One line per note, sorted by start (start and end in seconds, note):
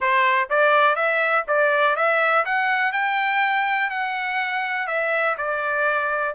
0.00 0.49 C5
0.49 0.95 D5
0.95 1.44 E5
1.47 1.95 D5
1.95 2.44 E5
2.45 2.92 F#5
2.92 3.90 G5
3.90 4.87 F#5
4.87 5.35 E5
5.37 6.35 D5